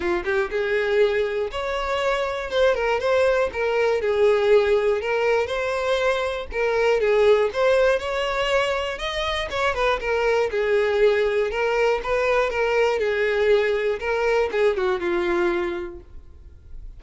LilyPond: \new Staff \with { instrumentName = "violin" } { \time 4/4 \tempo 4 = 120 f'8 g'8 gis'2 cis''4~ | cis''4 c''8 ais'8 c''4 ais'4 | gis'2 ais'4 c''4~ | c''4 ais'4 gis'4 c''4 |
cis''2 dis''4 cis''8 b'8 | ais'4 gis'2 ais'4 | b'4 ais'4 gis'2 | ais'4 gis'8 fis'8 f'2 | }